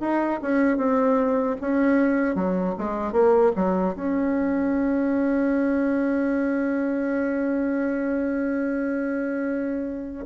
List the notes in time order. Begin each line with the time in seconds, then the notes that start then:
0.00 D#4
0.42 C#4
0.77 C4
1.61 C#4
2.35 F#3
2.78 G#3
3.12 A#3
3.56 F#3
3.96 C#4